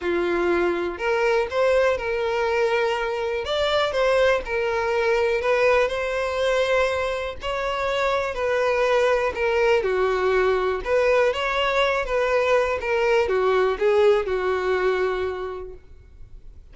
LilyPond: \new Staff \with { instrumentName = "violin" } { \time 4/4 \tempo 4 = 122 f'2 ais'4 c''4 | ais'2. d''4 | c''4 ais'2 b'4 | c''2. cis''4~ |
cis''4 b'2 ais'4 | fis'2 b'4 cis''4~ | cis''8 b'4. ais'4 fis'4 | gis'4 fis'2. | }